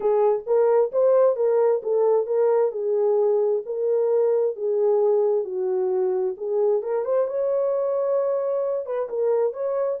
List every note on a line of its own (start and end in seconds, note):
0.00 0.43 G#4
0.46 0.91 A#4
0.92 1.36 C5
1.36 1.81 A#4
1.83 2.26 A4
2.26 2.71 A#4
2.71 3.62 G#4
3.65 4.56 A#4
4.56 5.44 G#4
5.44 6.35 F#4
6.37 6.82 G#4
6.82 7.05 A#4
7.05 7.27 C5
7.27 8.85 C#5
8.85 9.08 B4
9.09 9.53 A#4
9.53 9.98 C#5